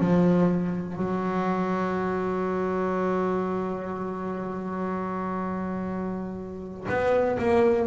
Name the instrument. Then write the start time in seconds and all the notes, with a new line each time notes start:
double bass
0.00 F3
0.97 F#3
6.89 B3
7.39 A#3